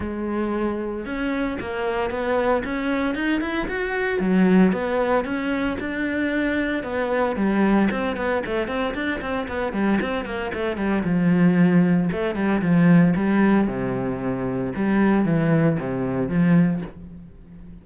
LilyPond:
\new Staff \with { instrumentName = "cello" } { \time 4/4 \tempo 4 = 114 gis2 cis'4 ais4 | b4 cis'4 dis'8 e'8 fis'4 | fis4 b4 cis'4 d'4~ | d'4 b4 g4 c'8 b8 |
a8 c'8 d'8 c'8 b8 g8 c'8 ais8 | a8 g8 f2 a8 g8 | f4 g4 c2 | g4 e4 c4 f4 | }